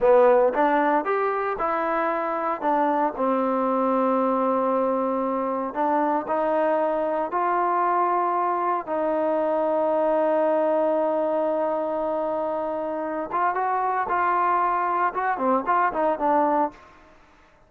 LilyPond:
\new Staff \with { instrumentName = "trombone" } { \time 4/4 \tempo 4 = 115 b4 d'4 g'4 e'4~ | e'4 d'4 c'2~ | c'2. d'4 | dis'2 f'2~ |
f'4 dis'2.~ | dis'1~ | dis'4. f'8 fis'4 f'4~ | f'4 fis'8 c'8 f'8 dis'8 d'4 | }